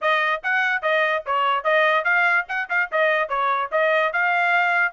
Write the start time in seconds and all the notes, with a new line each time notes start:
0.01 D#5
0.43 F#5
0.82 D#5
1.26 C#5
1.63 D#5
2.04 F5
2.48 F#5
2.69 F5
2.91 D#5
3.29 C#5
3.71 D#5
4.12 F5